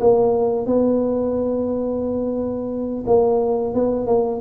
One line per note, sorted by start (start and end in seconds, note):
0.00 0.66 A#3
0.66 3.04 B3
3.07 3.74 A#3
3.74 4.06 B3
4.06 4.40 A#3